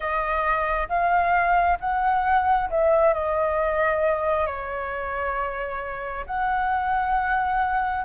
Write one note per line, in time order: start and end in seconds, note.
0.00 0.88 D#5
0.88 1.78 F5
1.80 2.69 F#5
2.69 3.13 E5
3.13 4.46 D#5
4.46 6.25 C#5
6.26 8.04 F#5